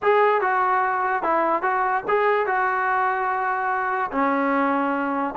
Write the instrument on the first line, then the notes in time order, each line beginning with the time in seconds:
trombone
0.02 G#4
0.41 F#4
1.22 E4
1.62 F#4
2.08 G#4
2.46 F#4
4.11 C#4